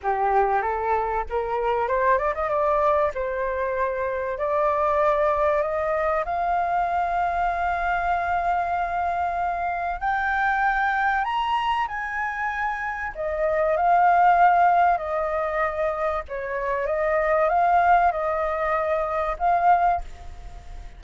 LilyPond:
\new Staff \with { instrumentName = "flute" } { \time 4/4 \tempo 4 = 96 g'4 a'4 ais'4 c''8 d''16 dis''16 | d''4 c''2 d''4~ | d''4 dis''4 f''2~ | f''1 |
g''2 ais''4 gis''4~ | gis''4 dis''4 f''2 | dis''2 cis''4 dis''4 | f''4 dis''2 f''4 | }